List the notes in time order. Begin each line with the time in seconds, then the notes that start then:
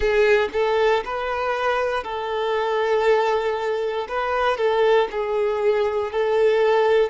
0.00 G#4
0.52 A4
1.04 B4
2.03 A4
4.08 B4
4.57 A4
5.11 G#4
6.11 A4